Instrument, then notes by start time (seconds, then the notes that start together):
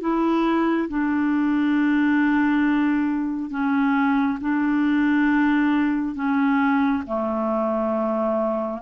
clarinet
0.00 E4
0.89 D4
3.50 C#4
4.41 D4
6.15 C#4
7.06 A3